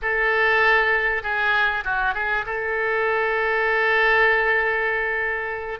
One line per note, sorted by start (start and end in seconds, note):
0.02 1.22 A4
1.22 1.84 G#4
1.84 2.14 F#4
2.14 2.45 G#4
2.46 5.79 A4